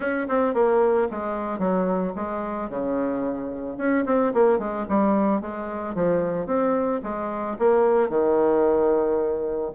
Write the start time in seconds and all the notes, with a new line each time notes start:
0.00 C#4
0.28 C4
0.54 A#3
1.11 G#3
1.58 F#3
2.15 G#3
2.69 C#3
3.77 C#4
4.05 C4
4.33 A#3
4.58 G#3
4.88 G3
5.41 G#3
5.95 F3
6.46 C4
7.03 G#3
7.58 A#3
8.09 D#3